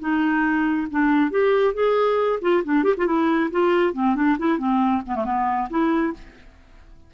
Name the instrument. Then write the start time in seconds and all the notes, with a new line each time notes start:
clarinet
0.00 D#4
0.91 D4
1.31 G4
1.74 G#4
2.42 F4
2.64 D4
2.84 G4
2.98 F4
3.06 E4
3.51 F4
3.93 C4
4.15 D4
4.39 E4
4.58 C4
5.07 B3
5.15 A3
5.25 B3
5.70 E4